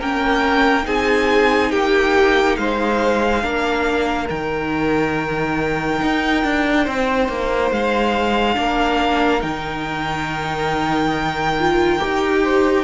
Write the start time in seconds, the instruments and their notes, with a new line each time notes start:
0.00 cello A#3, viola C#4, violin A#4 G5
0.83 cello C4, viola D#4, violin G#4 G#5
1.71 cello A#3, violin G4 G5
2.56 cello G#3, violin C5 F5
3.42 cello A#3, viola D4, violin A#4
4.28 cello D#3, viola D#4, violin G5
6.02 cello D#4
6.44 cello D4
6.84 cello C4, violin C5
7.29 cello A#3
7.71 cello G#3, violin F5
8.55 cello A#3, viola D4, violin A#4
9.40 cello D#3, viola D#4, violin G5
11.60 viola F4
11.99 cello D#4, viola G4
12.43 violin C5